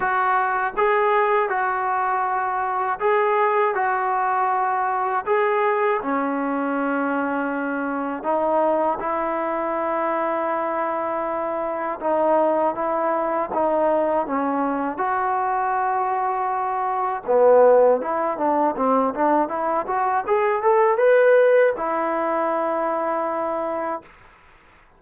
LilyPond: \new Staff \with { instrumentName = "trombone" } { \time 4/4 \tempo 4 = 80 fis'4 gis'4 fis'2 | gis'4 fis'2 gis'4 | cis'2. dis'4 | e'1 |
dis'4 e'4 dis'4 cis'4 | fis'2. b4 | e'8 d'8 c'8 d'8 e'8 fis'8 gis'8 a'8 | b'4 e'2. | }